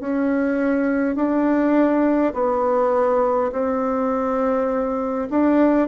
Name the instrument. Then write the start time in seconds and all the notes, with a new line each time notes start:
bassoon
0.00 C#4
1.16 D4
2.34 B3
3.52 C4
5.30 D4